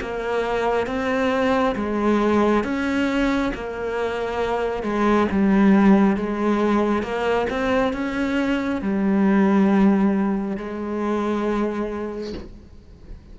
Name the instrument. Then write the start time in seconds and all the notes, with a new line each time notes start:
cello
0.00 A#3
0.86 C4
1.75 G#3
2.64 C#4
3.54 A#3
4.82 G#3
5.31 G3
6.16 G#3
7.02 A#3
7.49 C4
7.93 C#4
8.81 G3
10.56 G#3